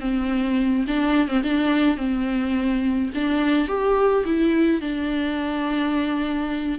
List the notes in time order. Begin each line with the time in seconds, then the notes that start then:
0.00 C4
0.87 D4
1.28 C4
1.43 D4
1.97 C4
3.14 D4
3.67 G4
4.25 E4
4.81 D4